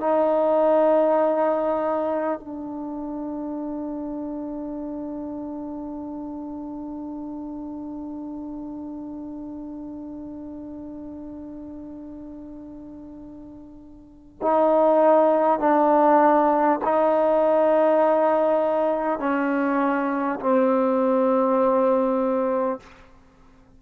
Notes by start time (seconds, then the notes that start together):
0.00 D#4
2.39 D4
14.42 D#4
15.59 D4
16.84 D#4
19.19 C#4
20.40 C4